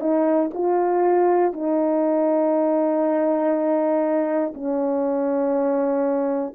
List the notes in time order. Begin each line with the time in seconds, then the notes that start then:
0.00 D#4
0.53 F4
1.53 D#4
4.54 C#4